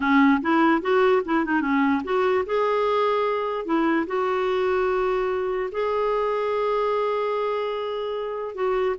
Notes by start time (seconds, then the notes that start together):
0.00 C#4
0.41 E4
0.81 F#4
1.25 E4
1.45 D#4
1.61 C#4
2.04 F#4
2.45 G#4
3.65 E4
4.06 F#4
5.71 G#4
8.55 F#4